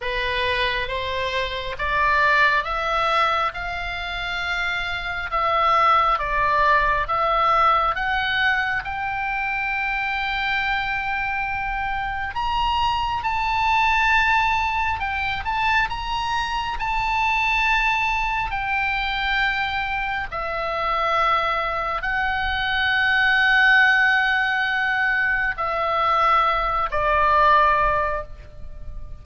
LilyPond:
\new Staff \with { instrumentName = "oboe" } { \time 4/4 \tempo 4 = 68 b'4 c''4 d''4 e''4 | f''2 e''4 d''4 | e''4 fis''4 g''2~ | g''2 ais''4 a''4~ |
a''4 g''8 a''8 ais''4 a''4~ | a''4 g''2 e''4~ | e''4 fis''2.~ | fis''4 e''4. d''4. | }